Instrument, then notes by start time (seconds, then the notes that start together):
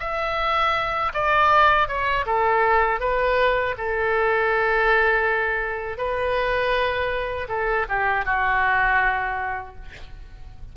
oboe
0.00 E5
1.14 D5
1.88 C#5
2.26 A4
3.00 B4
3.78 A4
5.98 B4
7.49 A4
7.89 G4
8.25 F#4